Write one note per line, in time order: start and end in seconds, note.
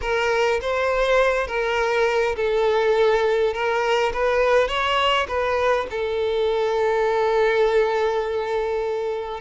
0.01 0.60 A#4
0.61 1.47 C5
1.47 2.35 A#4
2.35 3.53 A4
3.53 4.12 A#4
4.13 4.68 B4
4.68 5.26 C#5
5.28 5.86 B4
5.90 9.40 A4